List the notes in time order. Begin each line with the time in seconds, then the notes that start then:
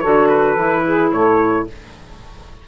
0.00 D3 F#4 A4 C#5
0.29 B4
0.57 E3 E4
0.86 G#4
1.12 A2 A4 C#5